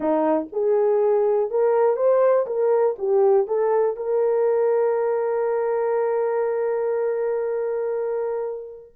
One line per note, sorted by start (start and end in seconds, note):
0.00 0.47 D#4
0.52 1.50 G#4
1.50 1.96 A#4
1.96 2.46 C5
2.46 2.95 A#4
2.98 3.47 G4
3.47 3.96 A4
3.96 8.92 A#4